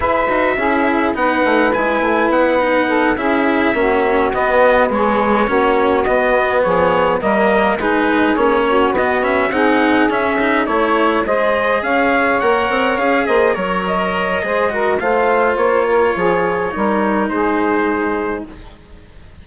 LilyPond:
<<
  \new Staff \with { instrumentName = "trumpet" } { \time 4/4 \tempo 4 = 104 e''2 fis''4 gis''4 | fis''4. e''2 dis''8~ | dis''8 cis''2 dis''4 cis''8~ | cis''8 dis''4 b'4 cis''4 dis''8 |
e''8 fis''4 e''4 cis''4 dis''8~ | dis''8 f''4 fis''4 f''8 dis''8 cis''8 | dis''2 f''4 cis''4~ | cis''2 c''2 | }
  \new Staff \with { instrumentName = "saxophone" } { \time 4/4 b'4 gis'4 b'2~ | b'4 a'8 gis'4 fis'4.~ | fis'8 gis'4 fis'2 gis'8~ | gis'8 ais'4 gis'4. fis'4~ |
fis'8 gis'2 cis''4 c''8~ | c''8 cis''2~ cis''8 c''8 cis''8~ | cis''4 c''8 ais'8 c''4. ais'8 | gis'4 ais'4 gis'2 | }
  \new Staff \with { instrumentName = "cello" } { \time 4/4 gis'8 fis'8 e'4 dis'4 e'4~ | e'8 dis'4 e'4 cis'4 b8~ | b8 gis4 cis'4 b4.~ | b8 ais4 dis'4 cis'4 b8 |
cis'8 dis'4 cis'8 dis'8 e'4 gis'8~ | gis'4. ais'4 gis'4 ais'8~ | ais'4 gis'8 fis'8 f'2~ | f'4 dis'2. | }
  \new Staff \with { instrumentName = "bassoon" } { \time 4/4 e'8 dis'8 cis'4 b8 a8 gis8 a8 | b4. cis'4 ais4 b8~ | b4. ais4 b4 f8~ | f8 g4 gis4 ais4 b8~ |
b8 c'4 cis'4 a4 gis8~ | gis8 cis'4 ais8 c'8 cis'8 ais8 fis8~ | fis4 gis4 a4 ais4 | f4 g4 gis2 | }
>>